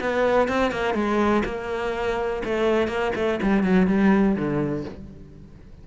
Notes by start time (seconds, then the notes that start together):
0.00 B3
0.48 C4
0.71 A#3
0.94 G#3
1.45 A#3
2.45 A3
2.88 A#3
3.15 A3
3.42 G3
3.63 F#3
3.87 G3
4.36 D3